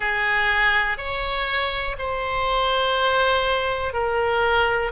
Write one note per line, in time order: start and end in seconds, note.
0.00 0.97 G#4
0.97 1.96 C#5
1.98 3.93 C5
3.93 4.91 A#4